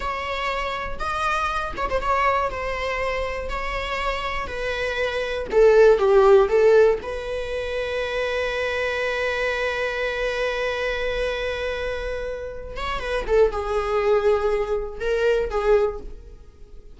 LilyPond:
\new Staff \with { instrumentName = "viola" } { \time 4/4 \tempo 4 = 120 cis''2 dis''4. cis''16 c''16 | cis''4 c''2 cis''4~ | cis''4 b'2 a'4 | g'4 a'4 b'2~ |
b'1~ | b'1~ | b'4. cis''8 b'8 a'8 gis'4~ | gis'2 ais'4 gis'4 | }